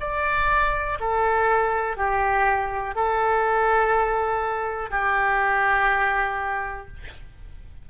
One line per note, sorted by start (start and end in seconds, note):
0.00 0.98 D5
1.00 1.97 A4
1.97 2.95 G4
2.96 4.90 A4
4.90 6.87 G4